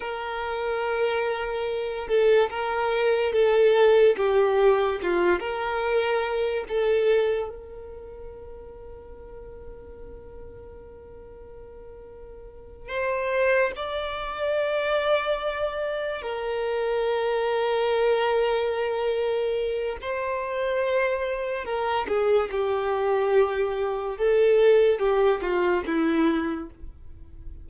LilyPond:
\new Staff \with { instrumentName = "violin" } { \time 4/4 \tempo 4 = 72 ais'2~ ais'8 a'8 ais'4 | a'4 g'4 f'8 ais'4. | a'4 ais'2.~ | ais'2.~ ais'8 c''8~ |
c''8 d''2. ais'8~ | ais'1 | c''2 ais'8 gis'8 g'4~ | g'4 a'4 g'8 f'8 e'4 | }